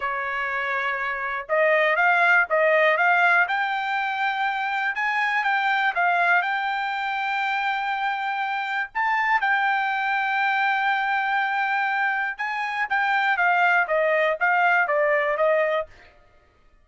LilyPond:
\new Staff \with { instrumentName = "trumpet" } { \time 4/4 \tempo 4 = 121 cis''2. dis''4 | f''4 dis''4 f''4 g''4~ | g''2 gis''4 g''4 | f''4 g''2.~ |
g''2 a''4 g''4~ | g''1~ | g''4 gis''4 g''4 f''4 | dis''4 f''4 d''4 dis''4 | }